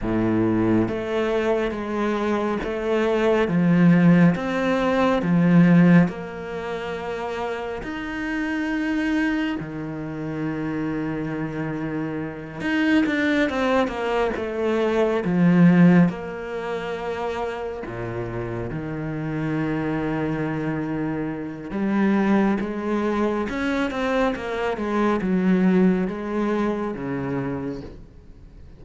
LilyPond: \new Staff \with { instrumentName = "cello" } { \time 4/4 \tempo 4 = 69 a,4 a4 gis4 a4 | f4 c'4 f4 ais4~ | ais4 dis'2 dis4~ | dis2~ dis8 dis'8 d'8 c'8 |
ais8 a4 f4 ais4.~ | ais8 ais,4 dis2~ dis8~ | dis4 g4 gis4 cis'8 c'8 | ais8 gis8 fis4 gis4 cis4 | }